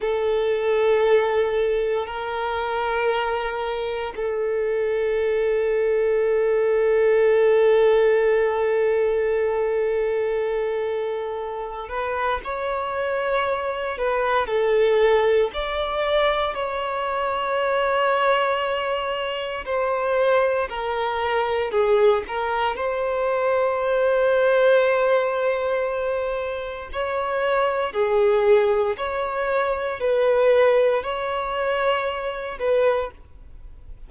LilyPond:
\new Staff \with { instrumentName = "violin" } { \time 4/4 \tempo 4 = 58 a'2 ais'2 | a'1~ | a'2.~ a'8 b'8 | cis''4. b'8 a'4 d''4 |
cis''2. c''4 | ais'4 gis'8 ais'8 c''2~ | c''2 cis''4 gis'4 | cis''4 b'4 cis''4. b'8 | }